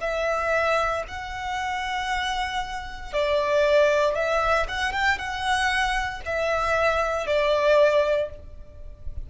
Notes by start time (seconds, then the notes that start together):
0.00 E5
1.08 F#5
3.13 D5
4.15 E5
4.68 F#5
4.92 G5
5.18 F#5
6.25 E5
7.26 D5